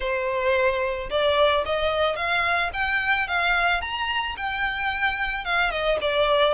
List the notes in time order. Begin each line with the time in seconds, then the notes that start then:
0.00 C5
1.10 D5
1.65 D#5
2.15 F5
2.73 G5
3.27 F5
3.81 A#5
4.36 G5
5.44 F5
5.70 D#5
6.01 D5